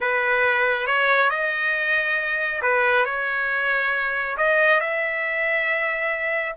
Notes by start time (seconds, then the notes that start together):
0.01 B4
0.87 C#5
1.30 D#5
2.61 B4
3.05 C#5
4.37 D#5
4.80 E5